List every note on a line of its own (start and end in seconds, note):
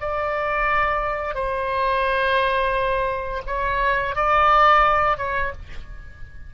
0.00 1.34 D5
1.34 3.41 C5
3.46 4.15 C#5
4.15 5.17 D5
5.17 5.52 C#5